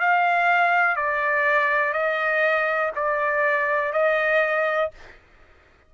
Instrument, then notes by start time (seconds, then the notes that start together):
trumpet
0.00 F5
0.96 D5
1.93 D#5
2.95 D5
3.93 D#5